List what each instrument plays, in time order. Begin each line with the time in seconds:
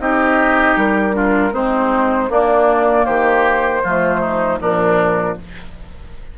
0.00 bassoon C4, clarinet D#4, oboe G4, flute D#5
0.77 bassoon G3, flute A#4
1.12 clarinet D4, oboe F4
1.53 bassoon G#3, clarinet C4, oboe D#4, flute C5
2.29 clarinet A#3, bassoon A#3, oboe D4, flute D5
3.06 bassoon D#3, oboe G4, flute C5
3.84 bassoon F3, clarinet A3, oboe F4
4.21 oboe D#4
4.60 bassoon A#2, clarinet F3, oboe D4, flute A#4